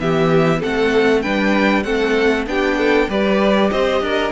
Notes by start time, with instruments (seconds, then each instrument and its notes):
0.00 cello E3, viola B3, violin G4 E5
0.60 cello A3, viola C4, violin A4 F#5
1.22 cello G3, viola D4, violin B4 G5
1.83 cello A3, viola C4, violin A4 F#5
2.47 cello B3, viola D4, violin G4 G5
2.78 violin A4
3.09 cello G3, viola G4, violin B4 D5
3.71 cello C4, violin C5 D#5
4.01 cello D4, violin A#4